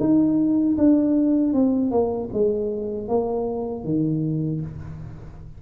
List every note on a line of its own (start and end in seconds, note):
0.00 0.77 D#4
0.78 1.54 D4
1.54 1.91 C4
1.91 2.30 A#3
2.33 3.08 G#3
3.08 3.84 A#3
3.84 4.61 D#3